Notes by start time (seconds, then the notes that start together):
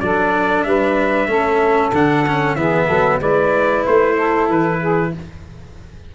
0.00 F#3 D4 A4 D5
0.63 G3 B4 E5
1.27 A3 C#4 A4
1.91 D3 D4 F#5
2.27 C#4
2.55 E3 B3 G#4 E5
2.85 F#3 A4
3.20 G#3 E4 B4 D5
3.86 A3 C5
4.15 A4
4.49 E3 B4
4.79 G#4